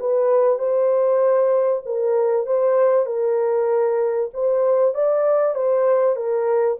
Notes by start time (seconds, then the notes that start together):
0.00 B4
0.59 C5
1.86 A#4
2.46 C5
3.06 A#4
4.34 C5
4.94 D5
5.55 C5
6.16 A#4